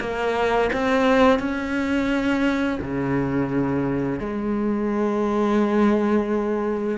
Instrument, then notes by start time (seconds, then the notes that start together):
cello
0.00 A#3
0.73 C4
1.39 C#4
2.81 C#3
4.20 G#3